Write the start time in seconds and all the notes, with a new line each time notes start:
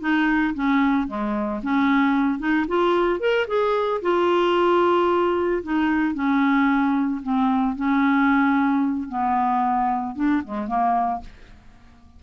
0.00 D#4
0.54 C#4
1.07 G#3
1.62 C#4
2.39 D#4
2.67 F4
3.19 A#4
3.47 G#4
4.01 F4
5.63 D#4
6.14 C#4
7.22 C4
7.76 C#4
9.08 B3
10.15 D4
10.44 G#3
10.67 A#3